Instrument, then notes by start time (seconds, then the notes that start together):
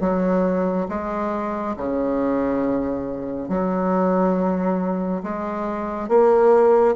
bassoon
0.00 F#3
0.89 G#3
1.77 C#3
3.48 F#3
5.23 G#3
6.09 A#3